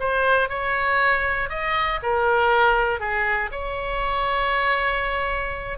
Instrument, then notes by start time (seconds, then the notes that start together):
oboe
0.00 C5
0.49 C#5
1.49 D#5
2.03 A#4
3.00 G#4
3.52 C#5